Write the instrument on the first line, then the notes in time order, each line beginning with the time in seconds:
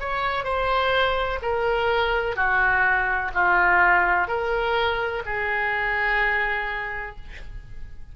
oboe
0.00 C#5
0.44 C5
1.42 A#4
2.35 F#4
3.34 F4
4.27 A#4
5.26 G#4